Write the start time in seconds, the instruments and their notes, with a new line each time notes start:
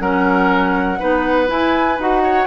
0.00 bassoon F#3, clarinet C#4, oboe A#4, flute F#5
0.99 bassoon B3, clarinet D#4, oboe B4
1.47 clarinet E4, bassoon E4, flute G#5
1.99 bassoon D#4, clarinet F#4, flute F#5
2.23 oboe C#5